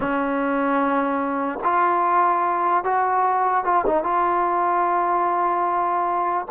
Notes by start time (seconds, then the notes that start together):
0.00 C#4
1.63 F4
2.83 F#4
3.64 F4
3.86 D#4
4.03 F4